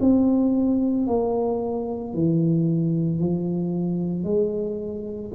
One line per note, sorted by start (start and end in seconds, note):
0.00 1.07 C4
1.07 2.14 A#3
2.14 3.19 E3
3.19 4.24 F3
4.24 5.31 G#3